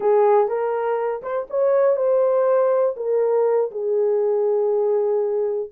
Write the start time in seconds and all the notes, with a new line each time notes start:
0.00 G#4
0.47 A#4
1.22 C5
1.50 C#5
1.96 C5
2.96 A#4
3.71 G#4